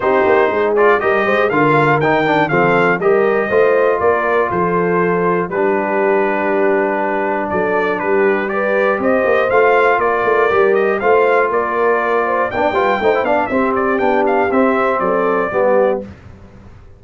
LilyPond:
<<
  \new Staff \with { instrumentName = "trumpet" } { \time 4/4 \tempo 4 = 120 c''4. d''8 dis''4 f''4 | g''4 f''4 dis''2 | d''4 c''2 b'4~ | b'2. d''4 |
b'4 d''4 dis''4 f''4 | d''4. dis''8 f''4 d''4~ | d''4 g''4. f''8 e''8 d''8 | g''8 f''8 e''4 d''2 | }
  \new Staff \with { instrumentName = "horn" } { \time 4/4 g'4 gis'4 ais'8 c''8 ais'4~ | ais'4 a'4 ais'4 c''4 | ais'4 a'2 g'4~ | g'2. a'4 |
g'4 b'4 c''2 | ais'2 c''4 ais'4~ | ais'8 c''8 d''8 b'8 c''8 d''8 g'4~ | g'2 a'4 g'4 | }
  \new Staff \with { instrumentName = "trombone" } { \time 4/4 dis'4. f'8 g'4 f'4 | dis'8 d'8 c'4 g'4 f'4~ | f'2. d'4~ | d'1~ |
d'4 g'2 f'4~ | f'4 g'4 f'2~ | f'4 d'8 f'8 dis'16 e'16 d'8 c'4 | d'4 c'2 b4 | }
  \new Staff \with { instrumentName = "tuba" } { \time 4/4 c'8 ais8 gis4 g8 gis8 d4 | dis4 f4 g4 a4 | ais4 f2 g4~ | g2. fis4 |
g2 c'8 ais8 a4 | ais8 a8 g4 a4 ais4~ | ais4 b8 g8 a8 b8 c'4 | b4 c'4 fis4 g4 | }
>>